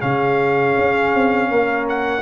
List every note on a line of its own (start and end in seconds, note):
0.00 0.76 C#3
0.00 2.22 C#4
0.00 1.48 G#4
0.00 1.86 F5
0.78 1.15 C#4
1.15 1.50 C4
1.48 2.22 A#3
1.48 2.22 A#4
1.89 2.22 F#5